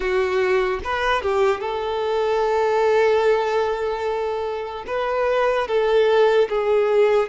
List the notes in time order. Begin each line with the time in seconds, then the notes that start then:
0.00 F#4
0.84 B4
1.22 G4
1.60 A4
4.86 B4
5.67 A4
6.49 G#4